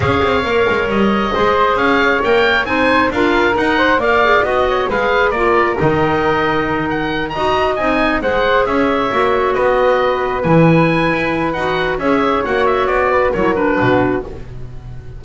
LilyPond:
<<
  \new Staff \with { instrumentName = "oboe" } { \time 4/4 \tempo 4 = 135 f''2 dis''2 | f''4 g''4 gis''4 f''4 | fis''4 f''4 dis''4 f''4 | d''4 dis''2~ dis''8 fis''8~ |
fis''8 ais''4 gis''4 fis''4 e''8~ | e''4. dis''2 gis''8~ | gis''2 fis''4 e''4 | fis''8 e''8 d''4 cis''8 b'4. | }
  \new Staff \with { instrumentName = "flute" } { \time 4/4 cis''2. c''4 | cis''2 c''4 ais'4~ | ais'8 c''8 d''4 dis''8 cis''8 b'4 | ais'1~ |
ais'8 dis''2 c''4 cis''8~ | cis''4. b'2~ b'8~ | b'2. cis''4~ | cis''4. b'8 ais'4 fis'4 | }
  \new Staff \with { instrumentName = "clarinet" } { \time 4/4 gis'4 ais'2 gis'4~ | gis'4 ais'4 dis'4 f'4 | dis'4 ais'8 gis'8 fis'4 gis'4 | f'4 dis'2.~ |
dis'8 fis'4 dis'4 gis'4.~ | gis'8 fis'2. e'8~ | e'2 fis'4 gis'4 | fis'2 e'8 d'4. | }
  \new Staff \with { instrumentName = "double bass" } { \time 4/4 cis'8 c'8 ais8 gis8 g4 gis4 | cis'4 ais4 c'4 d'4 | dis'4 ais4 b4 gis4 | ais4 dis2.~ |
dis8 dis'4 c'4 gis4 cis'8~ | cis'8 ais4 b2 e8~ | e4 e'4 dis'4 cis'4 | ais4 b4 fis4 b,4 | }
>>